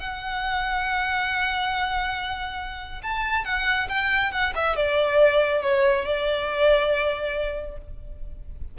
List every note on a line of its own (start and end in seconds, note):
0.00 3.02 F#5
3.03 3.45 A5
3.45 3.88 F#5
3.89 4.32 G5
4.32 4.53 F#5
4.56 4.77 E5
4.77 5.63 D5
5.63 6.05 C#5
6.05 7.78 D5